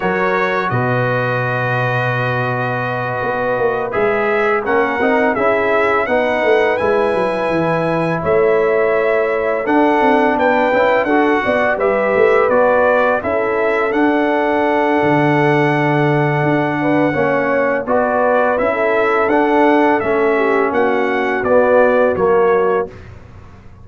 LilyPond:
<<
  \new Staff \with { instrumentName = "trumpet" } { \time 4/4 \tempo 4 = 84 cis''4 dis''2.~ | dis''4. e''4 fis''4 e''8~ | e''8 fis''4 gis''2 e''8~ | e''4. fis''4 g''4 fis''8~ |
fis''8 e''4 d''4 e''4 fis''8~ | fis''1~ | fis''4 d''4 e''4 fis''4 | e''4 fis''4 d''4 cis''4 | }
  \new Staff \with { instrumentName = "horn" } { \time 4/4 ais'4 b'2.~ | b'2~ b'8 ais'4 gis'8~ | gis'8 b'2. cis''8~ | cis''4. a'4 b'4 a'8 |
d''8 b'2 a'4.~ | a'2.~ a'8 b'8 | cis''4 b'4~ b'16 a'4.~ a'16~ | a'8 g'8 fis'2. | }
  \new Staff \with { instrumentName = "trombone" } { \time 4/4 fis'1~ | fis'4. gis'4 cis'8 dis'8 e'8~ | e'8 dis'4 e'2~ e'8~ | e'4. d'4. e'8 fis'8~ |
fis'8 g'4 fis'4 e'4 d'8~ | d'1 | cis'4 fis'4 e'4 d'4 | cis'2 b4 ais4 | }
  \new Staff \with { instrumentName = "tuba" } { \time 4/4 fis4 b,2.~ | b,8 b8 ais8 gis4 ais8 c'8 cis'8~ | cis'8 b8 a8 gis8 fis8 e4 a8~ | a4. d'8 c'8 b8 cis'8 d'8 |
b8 g8 a8 b4 cis'4 d'8~ | d'4 d2 d'4 | ais4 b4 cis'4 d'4 | a4 ais4 b4 fis4 | }
>>